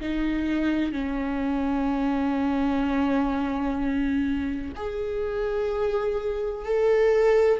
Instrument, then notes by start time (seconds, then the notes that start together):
viola
0.00 D#4
0.92 C#4
4.75 G#4
6.65 A4